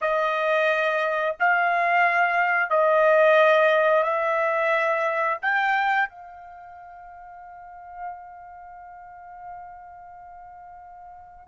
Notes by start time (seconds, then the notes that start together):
0.01 D#5
1.39 F5
2.70 D#5
4.03 E5
5.41 G5
6.09 F5